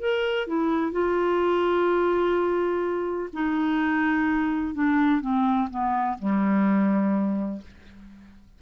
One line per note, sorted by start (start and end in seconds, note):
0.00 0.47 A#4
0.47 0.92 E4
0.92 3.30 F4
3.33 4.75 D#4
4.75 5.21 D4
5.21 5.69 C4
5.71 6.18 B3
6.19 7.62 G3